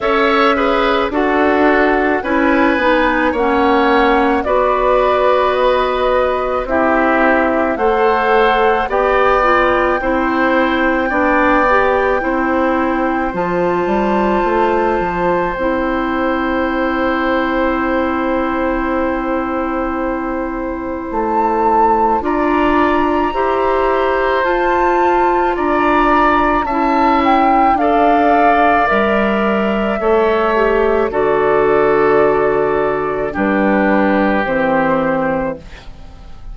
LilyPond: <<
  \new Staff \with { instrumentName = "flute" } { \time 4/4 \tempo 4 = 54 e''4 fis''4 gis''4 fis''4 | d''4 dis''4 e''4 fis''4 | g''1 | a''2 g''2~ |
g''2. a''4 | ais''2 a''4 ais''4 | a''8 g''8 f''4 e''2 | d''2 b'4 c''4 | }
  \new Staff \with { instrumentName = "oboe" } { \time 4/4 cis''8 b'8 a'4 b'4 cis''4 | b'2 g'4 c''4 | d''4 c''4 d''4 c''4~ | c''1~ |
c''1 | d''4 c''2 d''4 | e''4 d''2 cis''4 | a'2 g'2 | }
  \new Staff \with { instrumentName = "clarinet" } { \time 4/4 a'8 gis'8 fis'4 e'8 dis'8 cis'4 | fis'2 e'4 a'4 | g'8 f'8 e'4 d'8 g'8 e'4 | f'2 e'2~ |
e'1 | f'4 g'4 f'2 | e'4 a'4 ais'4 a'8 g'8 | fis'2 d'4 c'4 | }
  \new Staff \with { instrumentName = "bassoon" } { \time 4/4 cis'4 d'4 cis'8 b8 ais4 | b2 c'4 a4 | b4 c'4 b4 c'4 | f8 g8 a8 f8 c'2~ |
c'2. a4 | d'4 e'4 f'4 d'4 | cis'4 d'4 g4 a4 | d2 g4 e4 | }
>>